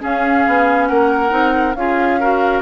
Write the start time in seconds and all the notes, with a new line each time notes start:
0.00 C#4 G#4 F5
0.47 B3
0.87 A#3 A#4 F#5
1.29 C4 D#4
1.74 C#4 F4 G#4 F5
2.20 F#4 A#4